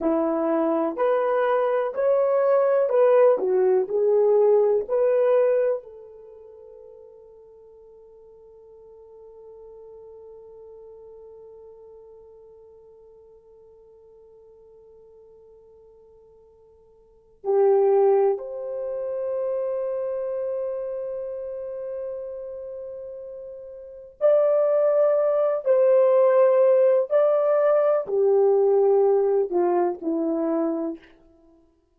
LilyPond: \new Staff \with { instrumentName = "horn" } { \time 4/4 \tempo 4 = 62 e'4 b'4 cis''4 b'8 fis'8 | gis'4 b'4 a'2~ | a'1~ | a'1~ |
a'2 g'4 c''4~ | c''1~ | c''4 d''4. c''4. | d''4 g'4. f'8 e'4 | }